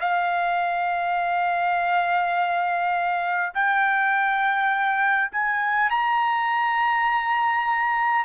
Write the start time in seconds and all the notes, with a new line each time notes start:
0.00 F5
3.54 G5
5.32 G#5
5.90 A#5